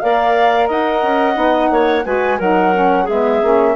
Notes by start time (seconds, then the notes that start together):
0.00 A#3 A#4 D5 F5
0.68 D#4 D#5 F#5
1.03 C#4
1.34 B3 D#4
1.71 A#3 C#5
2.05 G#3 F#4 B4 G#5
2.39 F#3 D#4 A#4 F#5
2.75 C#4
3.04 G#3 B3 G#4 E5
3.42 A#3 C#4